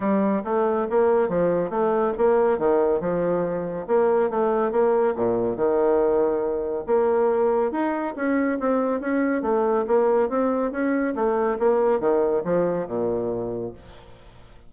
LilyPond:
\new Staff \with { instrumentName = "bassoon" } { \time 4/4 \tempo 4 = 140 g4 a4 ais4 f4 | a4 ais4 dis4 f4~ | f4 ais4 a4 ais4 | ais,4 dis2. |
ais2 dis'4 cis'4 | c'4 cis'4 a4 ais4 | c'4 cis'4 a4 ais4 | dis4 f4 ais,2 | }